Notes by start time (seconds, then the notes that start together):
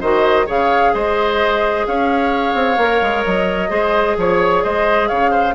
0.00 D#3 F#4 C5 D#5
0.46 C#3 G#4 C#5 F5
0.94 G#3 C5 D#5
1.86 C#4 C#5 F5
2.54 C4
2.77 A#3 A#4
3.02 G#3
3.24 F#3 D#5
3.69 G#3 G#4 C5
4.17 F3 C#5
4.63 G#3 C5 D#5
5.08 C#3 C#5 F5
5.31 C5